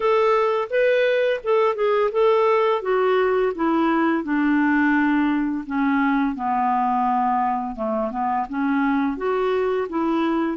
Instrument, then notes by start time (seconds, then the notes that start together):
clarinet
0.00 A4
0.69 B4
1.43 A4
1.75 G#4
2.11 A4
2.82 F#4
3.55 E4
4.23 D4
5.66 C#4
6.35 B3
7.75 A3
8.10 B3
8.49 C#4
9.17 F#4
9.89 E4